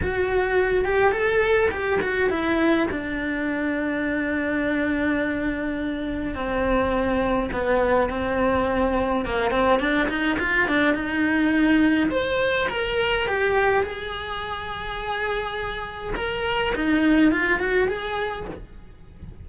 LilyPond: \new Staff \with { instrumentName = "cello" } { \time 4/4 \tempo 4 = 104 fis'4. g'8 a'4 g'8 fis'8 | e'4 d'2.~ | d'2. c'4~ | c'4 b4 c'2 |
ais8 c'8 d'8 dis'8 f'8 d'8 dis'4~ | dis'4 c''4 ais'4 g'4 | gis'1 | ais'4 dis'4 f'8 fis'8 gis'4 | }